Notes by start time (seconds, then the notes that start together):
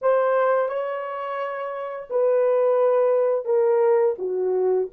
0.01 C5
0.68 C#5
2.09 B4
3.45 A#4
4.18 F#4